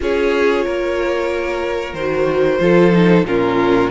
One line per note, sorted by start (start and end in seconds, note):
0.00 0.66 C#4
0.00 1.95 F4
0.00 0.64 G#4
0.00 1.94 C#5
0.64 1.93 A#3
0.64 2.60 A#4
1.93 2.59 D#3
1.93 2.59 F#4
1.93 3.24 C5
2.59 3.23 F3
2.59 2.92 F4
2.59 3.27 A4
2.92 3.25 D#4
3.23 3.88 A#2
3.23 3.90 C#4
3.23 3.90 F4
3.23 3.90 A#4